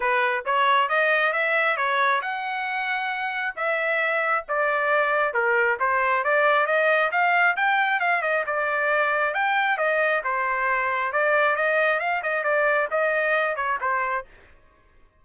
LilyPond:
\new Staff \with { instrumentName = "trumpet" } { \time 4/4 \tempo 4 = 135 b'4 cis''4 dis''4 e''4 | cis''4 fis''2. | e''2 d''2 | ais'4 c''4 d''4 dis''4 |
f''4 g''4 f''8 dis''8 d''4~ | d''4 g''4 dis''4 c''4~ | c''4 d''4 dis''4 f''8 dis''8 | d''4 dis''4. cis''8 c''4 | }